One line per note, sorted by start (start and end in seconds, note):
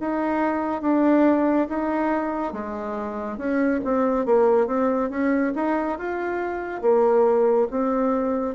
0.00 0.82 D#4
0.82 1.68 D4
1.69 2.53 D#4
2.53 3.37 G#3
3.37 3.80 C#4
3.85 4.25 C4
4.25 4.67 A#3
4.67 5.10 C4
5.10 5.52 C#4
5.55 5.98 D#4
5.98 6.82 F4
6.82 7.68 A#3
7.71 8.55 C4